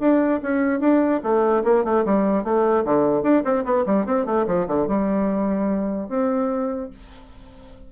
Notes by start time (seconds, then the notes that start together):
0.00 D4
0.43 C#4
0.80 D4
1.23 A3
1.64 A#3
1.84 A3
2.05 G3
2.44 A3
2.85 D3
3.23 D4
3.44 C4
3.65 B3
3.86 G3
4.06 C4
4.26 A3
4.47 F3
4.68 D3
4.88 G3
6.09 C4